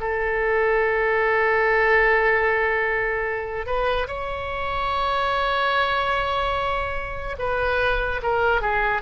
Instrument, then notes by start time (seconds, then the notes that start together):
oboe
0.00 A4
3.66 B4
4.07 C#5
7.38 B4
8.22 A#4
8.61 G#4